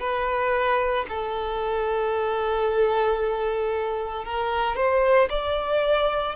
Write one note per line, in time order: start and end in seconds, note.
0.00 1.05 B4
1.09 4.25 A4
4.25 4.76 A#4
4.76 5.29 C5
5.30 6.35 D5